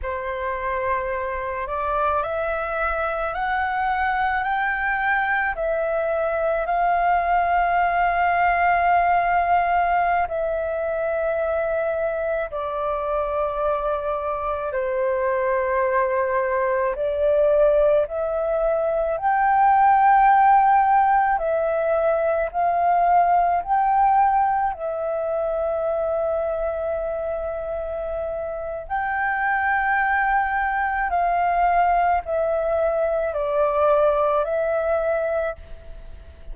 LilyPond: \new Staff \with { instrumentName = "flute" } { \time 4/4 \tempo 4 = 54 c''4. d''8 e''4 fis''4 | g''4 e''4 f''2~ | f''4~ f''16 e''2 d''8.~ | d''4~ d''16 c''2 d''8.~ |
d''16 e''4 g''2 e''8.~ | e''16 f''4 g''4 e''4.~ e''16~ | e''2 g''2 | f''4 e''4 d''4 e''4 | }